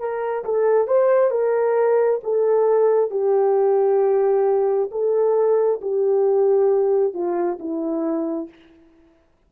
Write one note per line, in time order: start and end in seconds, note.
0.00 0.45 A#4
0.45 0.88 A4
0.88 1.31 C5
1.31 2.21 A#4
2.24 3.11 A4
3.11 4.90 G4
4.92 5.81 A4
5.82 7.14 G4
7.14 7.59 F4
7.60 8.50 E4